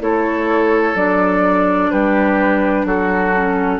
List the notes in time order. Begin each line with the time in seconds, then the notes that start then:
0.00 A3 E4 A4 C#5
0.94 F#3 D4 D5
1.91 G3 G4 B4
2.85 F#3 F#4 A4
3.34 C#4